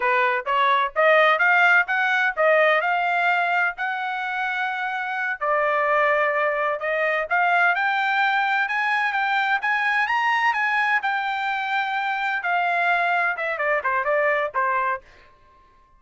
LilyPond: \new Staff \with { instrumentName = "trumpet" } { \time 4/4 \tempo 4 = 128 b'4 cis''4 dis''4 f''4 | fis''4 dis''4 f''2 | fis''2.~ fis''8 d''8~ | d''2~ d''8 dis''4 f''8~ |
f''8 g''2 gis''4 g''8~ | g''8 gis''4 ais''4 gis''4 g''8~ | g''2~ g''8 f''4.~ | f''8 e''8 d''8 c''8 d''4 c''4 | }